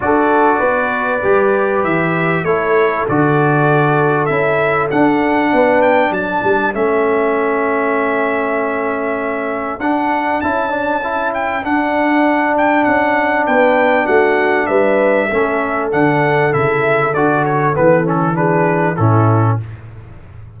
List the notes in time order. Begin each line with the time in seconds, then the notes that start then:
0.00 D4 F#4 A4 D5
0.59 B3 B4
1.23 G3 G4
1.83 E3 E5
2.43 A3 E4 A4 C#5
3.08 D3 F#4 D5
4.25 C#4 E4 E5
4.91 D4 F#5
5.52 B3 B4
5.82 G5
6.10 F#3 A4 A5
6.43 G3
6.73 A3 C#4 E5
9.79 D4 F#5
10.41 C#4 E4 A5
10.69 D4
11.03 E4
11.33 G5
11.62 D4 F#5
12.57 G5
12.84 C#4 F#5
13.46 B3 B4 G5
14.05 A3 F#4 F#5
14.66 G3 B4 E5
15.31 A3 C#4 A4
15.91 D3 D4 F#5
16.51 C#3 E4 E5
17.14 D3 F#4 D5
17.45 C#5
17.73 E3 B3 B4
18.04 C#4 A4
18.34 D4 G#4 B4
18.96 A2 C#4 E4 A4